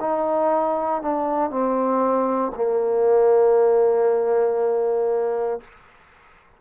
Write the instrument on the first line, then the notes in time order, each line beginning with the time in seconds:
trombone
0.00 D#4
1.02 D4
1.50 C4
2.55 A#3